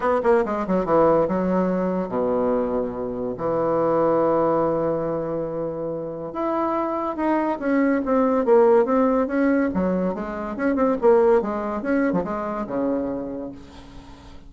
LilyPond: \new Staff \with { instrumentName = "bassoon" } { \time 4/4 \tempo 4 = 142 b8 ais8 gis8 fis8 e4 fis4~ | fis4 b,2. | e1~ | e2. e'4~ |
e'4 dis'4 cis'4 c'4 | ais4 c'4 cis'4 fis4 | gis4 cis'8 c'8 ais4 gis4 | cis'8. f16 gis4 cis2 | }